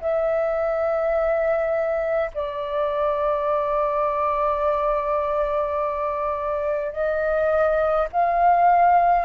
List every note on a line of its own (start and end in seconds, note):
0.00 2.31 E5
2.34 6.92 D5
6.92 8.08 D#5
8.12 9.25 F5